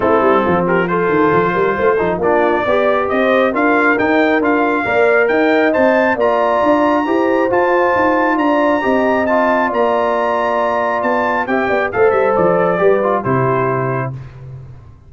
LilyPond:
<<
  \new Staff \with { instrumentName = "trumpet" } { \time 4/4 \tempo 4 = 136 a'4. ais'8 c''2~ | c''4 d''2 dis''4 | f''4 g''4 f''2 | g''4 a''4 ais''2~ |
ais''4 a''2 ais''4~ | ais''4 a''4 ais''2~ | ais''4 a''4 g''4 f''8 e''8 | d''2 c''2 | }
  \new Staff \with { instrumentName = "horn" } { \time 4/4 e'4 f'8 g'8 a'4. ais'8 | c''8 a'8 f'4 d''4 c''4 | ais'2. d''4 | dis''2 d''2 |
c''2. d''4 | dis''2 d''2~ | d''2 e''8 d''8 c''4~ | c''4 b'4 g'2 | }
  \new Staff \with { instrumentName = "trombone" } { \time 4/4 c'2 f'2~ | f'8 dis'8 d'4 g'2 | f'4 dis'4 f'4 ais'4~ | ais'4 c''4 f'2 |
g'4 f'2. | g'4 f'2.~ | f'2 g'4 a'4~ | a'4 g'8 f'8 e'2 | }
  \new Staff \with { instrumentName = "tuba" } { \time 4/4 a8 g8 f4. dis8 f8 g8 | a8 f8 ais4 b4 c'4 | d'4 dis'4 d'4 ais4 | dis'4 c'4 ais4 d'4 |
e'4 f'4 dis'4 d'4 | c'2 ais2~ | ais4 b4 c'8 b8 a8 g8 | f4 g4 c2 | }
>>